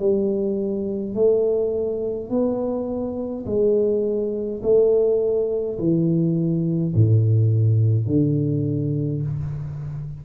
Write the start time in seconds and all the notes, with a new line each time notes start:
0.00 G3
1.15 A3
2.30 B3
3.46 G#3
4.63 A3
5.79 E3
6.95 A2
8.07 D3